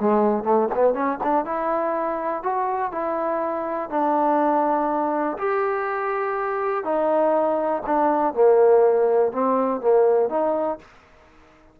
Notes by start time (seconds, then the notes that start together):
0.00 G#3
0.44 A3
0.75 B3
0.94 C#4
1.23 D4
1.45 E4
2.43 F#4
2.92 E4
3.90 D4
5.38 G4
6.84 D#4
7.86 D4
8.34 A#3
9.32 C4
9.81 A#3
10.29 D#4